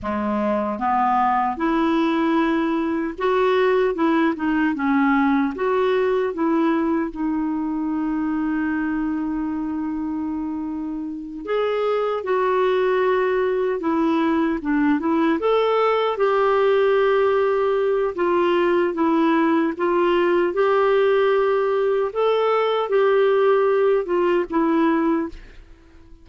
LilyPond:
\new Staff \with { instrumentName = "clarinet" } { \time 4/4 \tempo 4 = 76 gis4 b4 e'2 | fis'4 e'8 dis'8 cis'4 fis'4 | e'4 dis'2.~ | dis'2~ dis'8 gis'4 fis'8~ |
fis'4. e'4 d'8 e'8 a'8~ | a'8 g'2~ g'8 f'4 | e'4 f'4 g'2 | a'4 g'4. f'8 e'4 | }